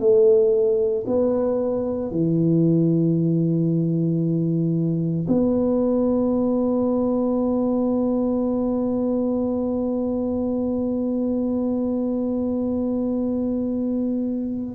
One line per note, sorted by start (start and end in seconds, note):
0.00 1.05 A3
1.07 2.11 B3
2.11 5.27 E3
5.28 14.76 B3